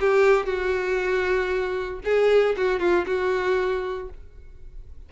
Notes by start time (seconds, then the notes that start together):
0.00 G4
0.46 F#4
2.05 G#4
2.57 F#4
2.80 F4
3.07 F#4